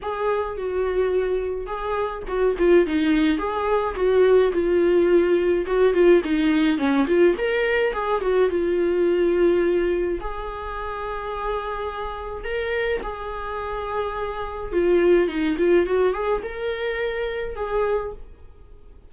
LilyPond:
\new Staff \with { instrumentName = "viola" } { \time 4/4 \tempo 4 = 106 gis'4 fis'2 gis'4 | fis'8 f'8 dis'4 gis'4 fis'4 | f'2 fis'8 f'8 dis'4 | cis'8 f'8 ais'4 gis'8 fis'8 f'4~ |
f'2 gis'2~ | gis'2 ais'4 gis'4~ | gis'2 f'4 dis'8 f'8 | fis'8 gis'8 ais'2 gis'4 | }